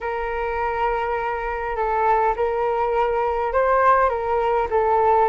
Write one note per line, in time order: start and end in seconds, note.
0.00 1.75 A#4
1.75 2.34 A4
2.36 3.53 A#4
3.53 4.09 C5
4.09 4.68 A#4
4.70 5.29 A4